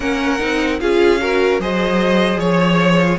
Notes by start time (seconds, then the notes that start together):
0.00 A#3 C#4 A#4 F#5
0.39 C4 D#4
0.80 C#4 F4 G#4 F5
1.21 F#4 A#4
1.59 F#3 G#4 C5 D#5
2.35 F3 C#5
3.02 F4